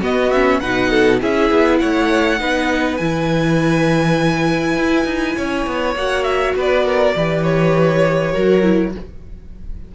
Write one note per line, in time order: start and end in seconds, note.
0.00 0.61 B3
0.00 0.32 B3
0.00 0.59 F#4
0.00 0.32 D#5
0.32 0.62 C#4
0.32 0.60 E5
0.60 1.22 B2
0.60 1.20 D#4
0.60 0.90 B4
0.60 1.19 F#5
0.90 1.19 A4
1.20 1.51 C#4
1.20 2.39 E4
1.20 1.80 G#4
1.20 1.78 E5
1.51 1.80 B3
1.78 2.40 A3
1.78 2.40 C#5
1.78 2.97 F#5
2.39 2.99 B3
2.39 2.98 D#4
2.39 5.36 B4
2.97 4.77 E3
2.97 5.97 E4
2.97 5.94 G#5
4.77 5.04 E4
5.04 5.34 D#4
5.36 5.66 C#4
5.36 6.55 C#5
5.66 5.95 B3
5.95 6.54 A#3
5.95 7.16 F#4
5.95 6.23 F#5
6.23 6.53 E5
6.55 7.14 B3
6.55 6.85 B4
6.55 7.43 D5
6.85 7.15 A#4
7.16 8.35 E3
7.16 8.33 G4
7.16 8.32 B4
7.43 8.92 C#5
8.32 8.95 F#3
8.32 8.62 F#4
8.32 8.91 A#4
8.62 8.92 E4